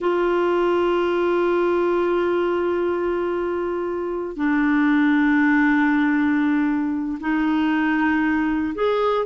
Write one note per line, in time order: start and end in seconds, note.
0.00 4.36 F4
4.36 7.18 D4
7.20 8.74 D#4
8.74 9.25 G#4